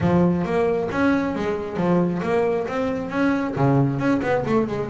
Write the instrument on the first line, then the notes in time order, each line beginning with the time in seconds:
double bass
0.01 F3
0.44 A#3
0.91 C#4
1.35 G#3
1.77 F3
2.22 A#3
2.67 C4
3.10 C#4
3.56 C#3
3.98 C#4
4.22 B3
4.45 A3
4.67 G#3